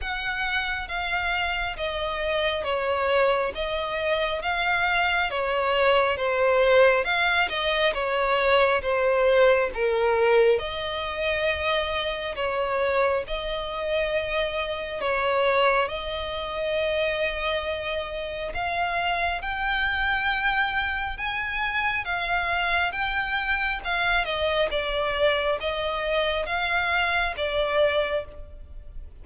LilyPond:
\new Staff \with { instrumentName = "violin" } { \time 4/4 \tempo 4 = 68 fis''4 f''4 dis''4 cis''4 | dis''4 f''4 cis''4 c''4 | f''8 dis''8 cis''4 c''4 ais'4 | dis''2 cis''4 dis''4~ |
dis''4 cis''4 dis''2~ | dis''4 f''4 g''2 | gis''4 f''4 g''4 f''8 dis''8 | d''4 dis''4 f''4 d''4 | }